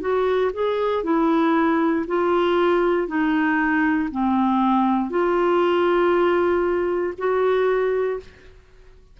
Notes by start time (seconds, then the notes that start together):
0.00 F#4
0.53 G#4
1.04 E4
2.07 F4
3.07 D#4
4.11 C4
5.10 F4
7.17 F#4